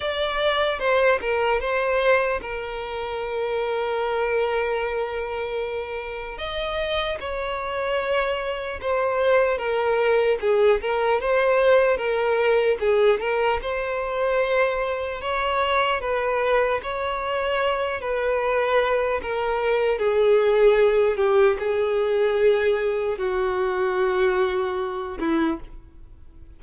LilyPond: \new Staff \with { instrumentName = "violin" } { \time 4/4 \tempo 4 = 75 d''4 c''8 ais'8 c''4 ais'4~ | ais'1 | dis''4 cis''2 c''4 | ais'4 gis'8 ais'8 c''4 ais'4 |
gis'8 ais'8 c''2 cis''4 | b'4 cis''4. b'4. | ais'4 gis'4. g'8 gis'4~ | gis'4 fis'2~ fis'8 e'8 | }